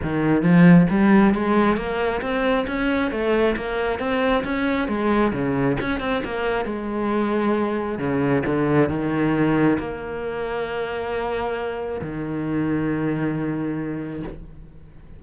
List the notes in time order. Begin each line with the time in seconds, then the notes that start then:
0.02 D#3
0.42 F3
0.90 G3
1.34 G#3
1.76 A#3
2.21 C4
2.67 C#4
3.11 A3
3.56 A#3
3.99 C4
4.43 C#4
4.88 G#3
5.33 C#3
5.80 C#4
6.00 C4
6.24 A#3
6.65 G#3
7.98 C#3
8.45 D3
8.89 D#3
9.78 A#3
12.01 D#3